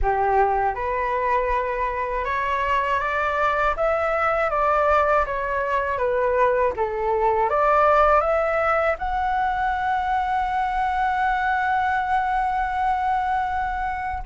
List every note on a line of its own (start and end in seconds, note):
0.02 0.75 G4
0.75 2.24 B4
2.24 2.99 C#5
2.99 3.74 D5
3.76 4.50 E5
4.50 5.25 D5
5.25 5.98 C#5
5.98 6.73 B4
6.76 7.49 A4
7.49 8.21 D5
8.21 8.96 E5
8.98 14.23 F#5